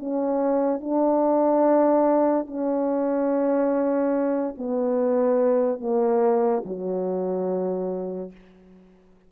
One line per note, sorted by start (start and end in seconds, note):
0.00 0.81 C#4
0.81 2.47 D4
2.47 4.56 C#4
4.58 5.80 B3
5.80 6.64 A#3
6.66 8.32 F#3